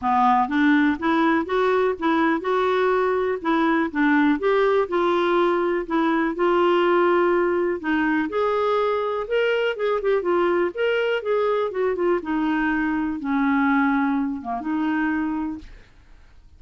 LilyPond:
\new Staff \with { instrumentName = "clarinet" } { \time 4/4 \tempo 4 = 123 b4 d'4 e'4 fis'4 | e'4 fis'2 e'4 | d'4 g'4 f'2 | e'4 f'2. |
dis'4 gis'2 ais'4 | gis'8 g'8 f'4 ais'4 gis'4 | fis'8 f'8 dis'2 cis'4~ | cis'4. ais8 dis'2 | }